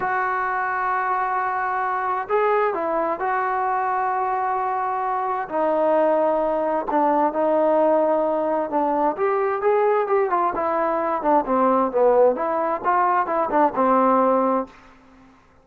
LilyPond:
\new Staff \with { instrumentName = "trombone" } { \time 4/4 \tempo 4 = 131 fis'1~ | fis'4 gis'4 e'4 fis'4~ | fis'1 | dis'2. d'4 |
dis'2. d'4 | g'4 gis'4 g'8 f'8 e'4~ | e'8 d'8 c'4 b4 e'4 | f'4 e'8 d'8 c'2 | }